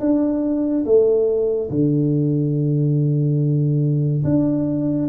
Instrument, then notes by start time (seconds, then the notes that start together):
tuba
0.00 D4
0.85 A3
1.70 D3
4.24 D4